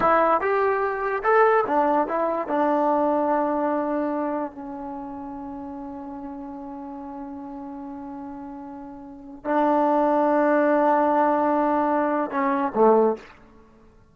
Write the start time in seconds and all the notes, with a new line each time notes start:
0.00 E4
0.40 G4
1.23 A4
1.66 D4
2.07 E4
2.48 D4
4.51 C#4
9.44 D4
12.31 C#4
12.75 A3